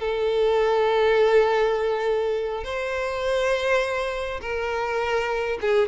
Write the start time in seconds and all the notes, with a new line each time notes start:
0.00 A4
2.65 C5
4.42 A#4
5.61 G#4